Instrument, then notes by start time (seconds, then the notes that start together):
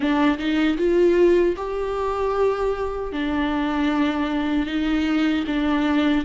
viola
0.00 D4
0.38 D#4
0.77 F4
1.56 G4
3.12 D4
4.66 D#4
5.47 D4